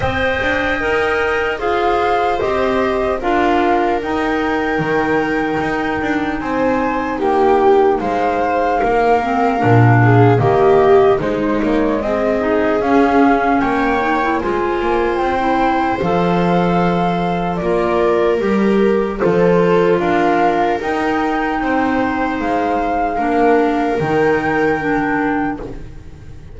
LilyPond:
<<
  \new Staff \with { instrumentName = "flute" } { \time 4/4 \tempo 4 = 75 g''2 f''4 dis''4 | f''4 g''2. | gis''4 g''4 f''2~ | f''4 dis''4 c''8 cis''8 dis''4 |
f''4 g''4 gis''4 g''4 | f''2 d''4 ais'4 | c''4 f''4 g''2 | f''2 g''2 | }
  \new Staff \with { instrumentName = "viola" } { \time 4/4 dis''2 c''2 | ais'1 | c''4 g'4 c''4 ais'4~ | ais'8 gis'8 g'4 dis'4 gis'4~ |
gis'4 cis''4 c''2~ | c''2 ais'2 | a'4 ais'2 c''4~ | c''4 ais'2. | }
  \new Staff \with { instrumentName = "clarinet" } { \time 4/4 c''4 ais'4 gis'4 g'4 | f'4 dis'2.~ | dis'2.~ dis'8 c'8 | d'4 ais4 gis4. dis'8 |
cis'4. dis'16 e'16 f'4~ f'16 e'8. | a'2 f'4 g'4 | f'2 dis'2~ | dis'4 d'4 dis'4 d'4 | }
  \new Staff \with { instrumentName = "double bass" } { \time 4/4 c'8 d'8 dis'4 f'4 c'4 | d'4 dis'4 dis4 dis'8 d'8 | c'4 ais4 gis4 ais4 | ais,4 dis4 gis8 ais8 c'4 |
cis'4 ais4 gis8 ais8 c'4 | f2 ais4 g4 | f4 d'4 dis'4 c'4 | gis4 ais4 dis2 | }
>>